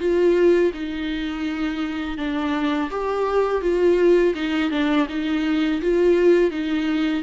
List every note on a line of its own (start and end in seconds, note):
0.00 0.72 F4
0.74 2.18 D#4
2.18 2.90 D4
2.91 3.62 G4
3.62 4.34 F4
4.35 4.71 D#4
4.71 5.07 D4
5.09 5.82 D#4
5.82 6.51 F4
6.51 7.23 D#4